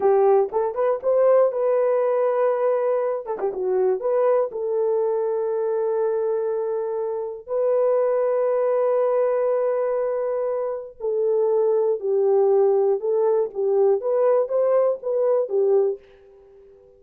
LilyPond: \new Staff \with { instrumentName = "horn" } { \time 4/4 \tempo 4 = 120 g'4 a'8 b'8 c''4 b'4~ | b'2~ b'8 a'16 g'16 fis'4 | b'4 a'2.~ | a'2. b'4~ |
b'1~ | b'2 a'2 | g'2 a'4 g'4 | b'4 c''4 b'4 g'4 | }